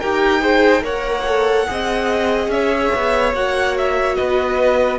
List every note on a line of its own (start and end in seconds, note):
0.00 0.83 D#4
0.00 0.41 G4
0.00 0.41 A#4
0.00 0.84 G5
0.41 0.82 G#4
0.41 0.83 C5
0.82 1.66 A#3
0.82 1.24 A#4
0.82 1.68 C#5
0.82 2.51 F#5
1.28 1.67 A4
1.67 2.48 C4
1.67 3.34 G#4
1.67 2.53 D#5
2.48 2.90 C#4
2.48 4.17 C#5
2.48 3.34 E5
2.95 3.34 B3
3.34 4.17 A#3
3.34 4.99 F#4
3.34 3.77 F#5
3.78 4.16 E5
4.16 4.99 B3
4.16 4.99 B4
4.16 4.99 D#5